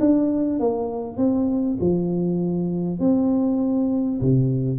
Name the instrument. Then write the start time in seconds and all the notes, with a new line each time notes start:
tuba
0.00 D4
0.59 A#3
1.17 C4
1.80 F3
2.99 C4
4.21 C3